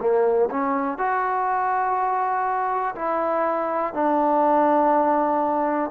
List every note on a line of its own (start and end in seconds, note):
0.00 0.49 A#3
0.50 0.98 C#4
0.98 2.95 F#4
2.95 3.93 E4
3.93 5.90 D4